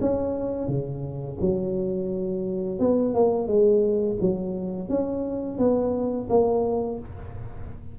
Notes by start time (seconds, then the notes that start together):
0.00 C#4
0.68 C#3
1.40 F#3
2.79 B3
3.14 A#3
3.47 G#3
4.21 F#3
4.89 C#4
5.58 B3
6.29 A#3